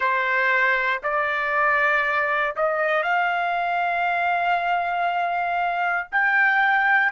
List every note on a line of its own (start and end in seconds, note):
0.00 1.01 C5
1.03 2.55 D5
2.56 3.02 D#5
3.02 6.07 F5
6.11 7.12 G5